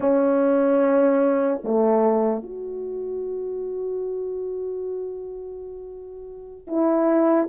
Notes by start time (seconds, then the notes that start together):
0.00 C#4
1.64 A3
2.43 F#4
6.67 E4